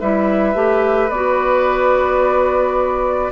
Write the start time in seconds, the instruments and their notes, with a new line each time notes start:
0.00 bassoon G3, clarinet E4, oboe B4, flute E5
0.54 bassoon A3, clarinet G4
1.09 bassoon B3, clarinet F#4, flute D5